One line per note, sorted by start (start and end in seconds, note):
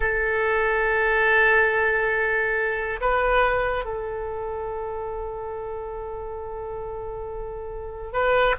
0.00 3.00 A4
3.00 3.85 B4
3.85 8.12 A4
8.12 8.55 B4